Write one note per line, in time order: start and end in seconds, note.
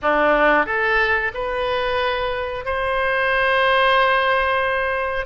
0.02 0.66 D4
0.66 1.32 A4
1.34 2.65 B4
2.65 5.25 C5